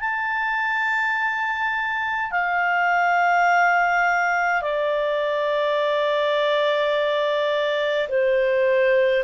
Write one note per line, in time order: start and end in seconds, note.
0.00 2.31 A5
2.31 4.62 F5
4.62 8.08 D5
8.09 9.24 C5